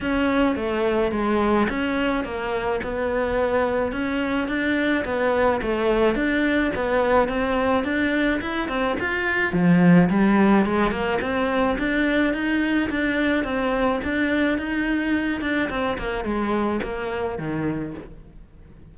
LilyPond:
\new Staff \with { instrumentName = "cello" } { \time 4/4 \tempo 4 = 107 cis'4 a4 gis4 cis'4 | ais4 b2 cis'4 | d'4 b4 a4 d'4 | b4 c'4 d'4 e'8 c'8 |
f'4 f4 g4 gis8 ais8 | c'4 d'4 dis'4 d'4 | c'4 d'4 dis'4. d'8 | c'8 ais8 gis4 ais4 dis4 | }